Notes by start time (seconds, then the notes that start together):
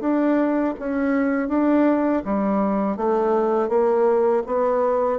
0.00 D4
0.79 C#4
1.49 D4
2.25 G3
2.97 A3
3.69 A#3
4.46 B3